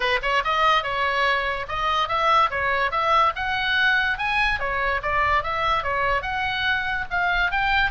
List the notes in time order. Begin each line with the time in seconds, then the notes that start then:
0.00 B4
0.22 C#5
0.44 D#5
0.83 C#5
1.68 D#5
2.08 E5
2.50 C#5
2.91 E5
3.35 F#5
4.18 G#5
4.59 C#5
5.02 D5
5.43 E5
5.83 C#5
6.22 F#5
7.10 F5
7.51 G5